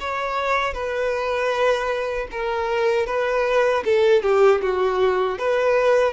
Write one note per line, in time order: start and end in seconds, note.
0.00 0.74 C#5
0.74 2.28 B4
2.31 3.07 A#4
3.07 3.84 B4
3.85 4.22 A4
4.22 4.61 G4
4.62 5.38 F#4
5.38 6.13 B4